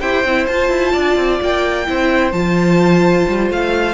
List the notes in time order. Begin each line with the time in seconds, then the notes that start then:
0.00 E4 G4 C5 G5
0.24 C4 E4
0.46 F4 A5
0.52 F4
0.69 E4
0.92 D4 D5
1.16 C4
1.41 A#3 G5
1.86 C4 E4 C5
2.32 F3 F4 A5
3.28 G3
3.50 A3 F5